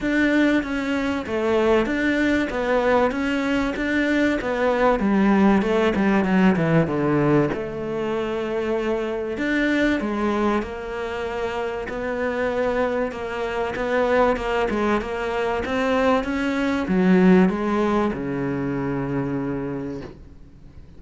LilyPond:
\new Staff \with { instrumentName = "cello" } { \time 4/4 \tempo 4 = 96 d'4 cis'4 a4 d'4 | b4 cis'4 d'4 b4 | g4 a8 g8 fis8 e8 d4 | a2. d'4 |
gis4 ais2 b4~ | b4 ais4 b4 ais8 gis8 | ais4 c'4 cis'4 fis4 | gis4 cis2. | }